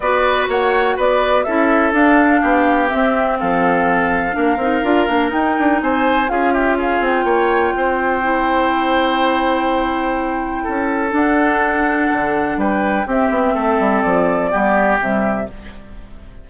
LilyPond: <<
  \new Staff \with { instrumentName = "flute" } { \time 4/4 \tempo 4 = 124 d''4 fis''4 d''4 e''4 | f''2 e''4 f''4~ | f''2. g''4 | gis''4 f''8 e''8 f''8 g''4.~ |
g''1~ | g''2. fis''4~ | fis''2 g''4 e''4~ | e''4 d''2 e''4 | }
  \new Staff \with { instrumentName = "oboe" } { \time 4/4 b'4 cis''4 b'4 a'4~ | a'4 g'2 a'4~ | a'4 ais'2. | c''4 gis'8 g'8 gis'4 cis''4 |
c''1~ | c''2 a'2~ | a'2 b'4 g'4 | a'2 g'2 | }
  \new Staff \with { instrumentName = "clarinet" } { \time 4/4 fis'2. e'4 | d'2 c'2~ | c'4 d'8 dis'8 f'8 d'8 dis'4~ | dis'4 f'2.~ |
f'4 e'2.~ | e'2. d'4~ | d'2. c'4~ | c'2 b4 g4 | }
  \new Staff \with { instrumentName = "bassoon" } { \time 4/4 b4 ais4 b4 cis'4 | d'4 b4 c'4 f4~ | f4 ais8 c'8 d'8 ais8 dis'8 d'8 | c'4 cis'4. c'8 ais4 |
c'1~ | c'2 cis'4 d'4~ | d'4 d4 g4 c'8 b8 | a8 g8 f4 g4 c4 | }
>>